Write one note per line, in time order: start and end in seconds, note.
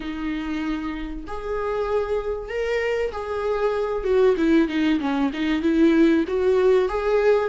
0.00 1.24 D#4
1.27 2.49 G#4
2.49 3.11 A#4
3.12 4.04 G#4
4.04 4.35 F#4
4.37 4.68 E4
4.68 4.99 D#4
5.00 5.31 C#4
5.33 5.62 D#4
5.62 6.24 E4
6.27 6.88 F#4
6.88 7.49 G#4